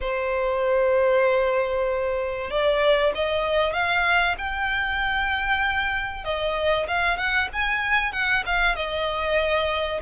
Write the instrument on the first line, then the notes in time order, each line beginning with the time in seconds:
violin
0.00 C5
2.50 D5
3.14 D#5
3.73 F5
4.38 G5
6.24 D#5
6.87 F5
7.17 F#5
7.53 G#5
8.12 F#5
8.45 F5
8.75 D#5